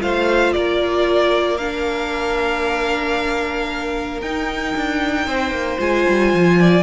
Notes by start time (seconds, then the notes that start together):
0.00 A3 F4 C5 F5
0.52 A#3 A#4 D5
1.57 D4 F5
4.21 D#4 G5
4.76 D4
5.26 C4 C5
5.50 A#3
5.79 G#3 F4 G#5
6.08 G3
6.33 F3
6.59 D5